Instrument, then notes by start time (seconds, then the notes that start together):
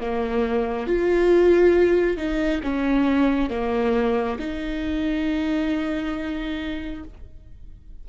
viola
0.00 A#3
0.87 F4
2.17 D#4
2.63 C#4
3.49 A#3
4.39 D#4